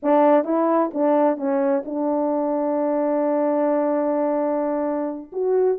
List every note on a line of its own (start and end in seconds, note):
0.02 0.44 D4
0.44 0.90 E4
0.93 1.37 D4
1.37 1.83 C#4
1.85 5.31 D4
5.32 5.78 F#4